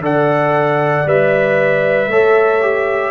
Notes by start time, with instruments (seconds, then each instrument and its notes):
0.00 tuba D3, trombone A4, horn D5, trumpet F#5
1.06 tuba G3, trombone B4, trumpet E5
2.07 tuba A3, trombone A4, horn C#5
2.61 trombone G4